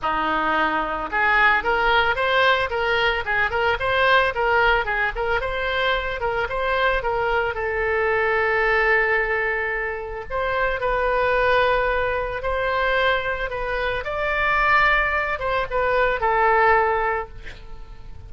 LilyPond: \new Staff \with { instrumentName = "oboe" } { \time 4/4 \tempo 4 = 111 dis'2 gis'4 ais'4 | c''4 ais'4 gis'8 ais'8 c''4 | ais'4 gis'8 ais'8 c''4. ais'8 | c''4 ais'4 a'2~ |
a'2. c''4 | b'2. c''4~ | c''4 b'4 d''2~ | d''8 c''8 b'4 a'2 | }